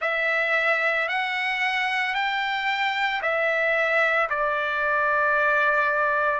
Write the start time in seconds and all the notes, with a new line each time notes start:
0.00 E5
1.08 F#5
2.14 G5
3.21 E5
4.29 D5